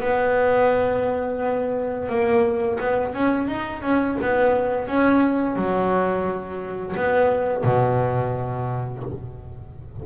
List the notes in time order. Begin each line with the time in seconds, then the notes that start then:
0.00 B3
2.09 A#3
2.79 B3
3.14 C#4
3.48 D#4
3.82 C#4
4.21 B3
4.87 C#4
5.55 F#3
6.96 B3
7.64 B2